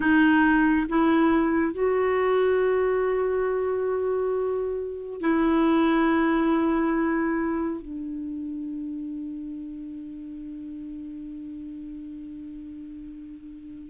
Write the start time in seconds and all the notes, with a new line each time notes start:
0.00 D#4
0.89 E4
1.73 F#4
5.21 E4
7.81 D4